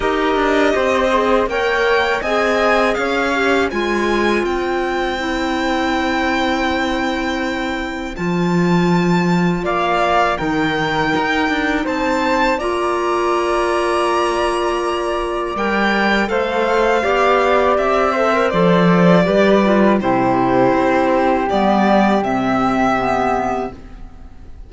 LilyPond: <<
  \new Staff \with { instrumentName = "violin" } { \time 4/4 \tempo 4 = 81 dis''2 g''4 gis''4 | f''4 gis''4 g''2~ | g''2. a''4~ | a''4 f''4 g''2 |
a''4 ais''2.~ | ais''4 g''4 f''2 | e''4 d''2 c''4~ | c''4 d''4 e''2 | }
  \new Staff \with { instrumentName = "flute" } { \time 4/4 ais'4 c''4 cis''4 dis''4 | cis''4 c''2.~ | c''1~ | c''4 d''4 ais'2 |
c''4 d''2.~ | d''2 c''4 d''4~ | d''8 c''4. b'4 g'4~ | g'1 | }
  \new Staff \with { instrumentName = "clarinet" } { \time 4/4 g'4. gis'8 ais'4 gis'4~ | gis'8 g'8 f'2 e'4~ | e'2. f'4~ | f'2 dis'2~ |
dis'4 f'2.~ | f'4 ais'4 a'4 g'4~ | g'8 a'16 ais'16 a'4 g'8 f'8 e'4~ | e'4 b4 c'4 b4 | }
  \new Staff \with { instrumentName = "cello" } { \time 4/4 dis'8 d'8 c'4 ais4 c'4 | cis'4 gis4 c'2~ | c'2. f4~ | f4 ais4 dis4 dis'8 d'8 |
c'4 ais2.~ | ais4 g4 a4 b4 | c'4 f4 g4 c4 | c'4 g4 c2 | }
>>